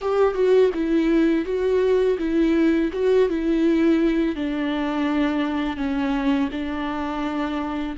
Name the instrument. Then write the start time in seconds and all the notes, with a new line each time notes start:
viola
0.01 G4
0.34 F#4
0.74 E4
1.45 F#4
2.18 E4
2.92 F#4
3.29 E4
4.35 D4
5.76 C#4
6.51 D4